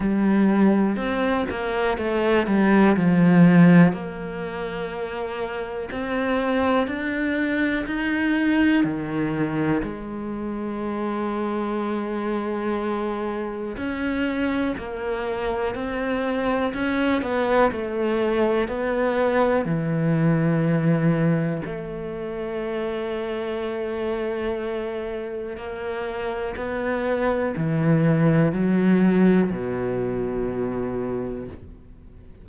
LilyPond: \new Staff \with { instrumentName = "cello" } { \time 4/4 \tempo 4 = 61 g4 c'8 ais8 a8 g8 f4 | ais2 c'4 d'4 | dis'4 dis4 gis2~ | gis2 cis'4 ais4 |
c'4 cis'8 b8 a4 b4 | e2 a2~ | a2 ais4 b4 | e4 fis4 b,2 | }